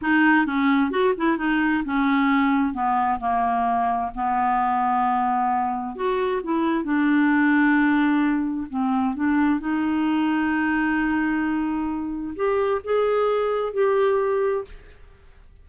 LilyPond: \new Staff \with { instrumentName = "clarinet" } { \time 4/4 \tempo 4 = 131 dis'4 cis'4 fis'8 e'8 dis'4 | cis'2 b4 ais4~ | ais4 b2.~ | b4 fis'4 e'4 d'4~ |
d'2. c'4 | d'4 dis'2.~ | dis'2. g'4 | gis'2 g'2 | }